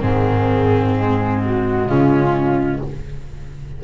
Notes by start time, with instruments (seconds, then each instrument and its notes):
0.00 double bass G#2, clarinet D#3, viola C4, flute G#4
0.96 clarinet G#3
1.44 flute F#4
1.86 double bass C#3, viola C#4, flute F4